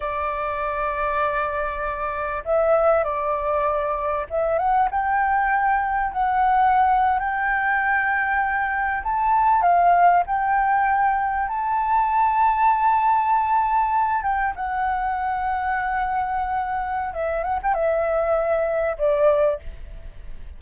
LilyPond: \new Staff \with { instrumentName = "flute" } { \time 4/4 \tempo 4 = 98 d''1 | e''4 d''2 e''8 fis''8 | g''2 fis''4.~ fis''16 g''16~ | g''2~ g''8. a''4 f''16~ |
f''8. g''2 a''4~ a''16~ | a''2.~ a''16 g''8 fis''16~ | fis''1 | e''8 fis''16 g''16 e''2 d''4 | }